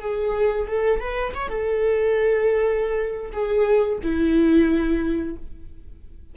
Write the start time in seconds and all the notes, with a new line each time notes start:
0.00 G#4
0.67 A4
1.00 B4
1.34 C#5
1.48 A4
3.32 G#4
4.02 E4